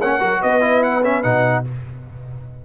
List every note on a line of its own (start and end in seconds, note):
0.00 0.21 A#3
0.00 0.20 C#4
0.00 0.20 C#5
0.00 0.43 F#5
0.20 0.43 F#3
0.20 0.61 F#4
0.20 0.41 A#4
0.41 1.24 B3
0.41 1.64 B4
0.41 0.83 D#5
0.61 1.02 E4
0.83 1.04 F#5
1.03 1.23 C#4
1.03 1.23 E5
1.23 1.66 B2
1.23 1.64 D#4
1.23 1.64 F#5